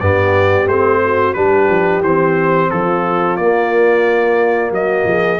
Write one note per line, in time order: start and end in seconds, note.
0.00 0.67 G2
0.00 0.69 B3
0.00 1.01 G4
0.00 0.68 D5
0.67 1.34 A3
0.67 1.36 C4
0.67 1.34 C5
1.04 1.37 F#4
1.34 1.70 G3
1.34 2.03 D4
1.34 2.71 G4
1.34 2.01 B4
1.70 2.02 F3
2.02 2.69 E3
2.02 3.41 C4
2.02 2.71 C5
2.71 3.37 F3
2.71 4.73 F4
2.71 3.37 A4
3.37 4.71 A#3
3.37 5.40 A#3
3.37 4.71 D5
4.71 5.05 F#3
4.71 5.08 F#4
4.71 5.40 D#5
5.05 5.39 F3
5.05 5.40 G#4